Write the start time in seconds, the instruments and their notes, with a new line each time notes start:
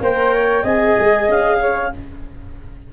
0.00 tuba A#3, viola A#4, flute C5, clarinet G5
0.34 flute C#5
0.63 tuba C4, viola G#4, flute D#5, clarinet G#5
0.98 tuba G#3
1.28 tuba C#4, clarinet F5
1.60 flute C#5